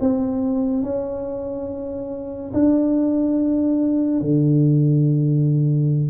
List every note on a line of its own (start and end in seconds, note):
0.00 0.83 C4
0.83 2.52 C#4
2.54 4.21 D4
4.21 6.10 D3